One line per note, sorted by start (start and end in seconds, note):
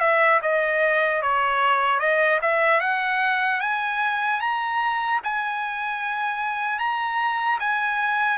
0.00 0.40 E5
0.42 1.22 D#5
1.22 2.00 C#5
2.00 2.40 D#5
2.41 2.80 E5
2.80 3.60 F#5
3.60 4.40 G#5
4.40 5.20 A#5
5.23 6.79 G#5
6.79 7.59 A#5
7.59 8.38 G#5